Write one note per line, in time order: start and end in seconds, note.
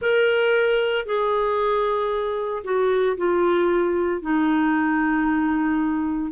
0.01 1.05 A#4
1.05 2.63 G#4
2.64 3.16 F#4
3.17 4.21 F4
4.21 6.32 D#4